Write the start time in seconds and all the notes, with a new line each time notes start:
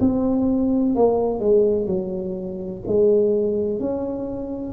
0.00 C4
0.95 A#3
1.39 G#3
1.86 F#3
2.87 G#3
3.80 C#4